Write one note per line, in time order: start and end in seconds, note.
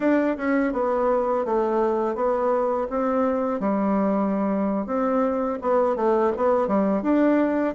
0.00 0.36 D4
0.37 0.72 C#4
0.72 1.45 B3
1.45 2.15 A3
2.15 2.87 B3
2.89 3.59 C4
3.59 4.86 G3
4.86 5.58 C4
5.61 5.95 B3
5.95 6.32 A3
6.36 6.67 B3
6.67 7.02 G3
7.02 7.74 D4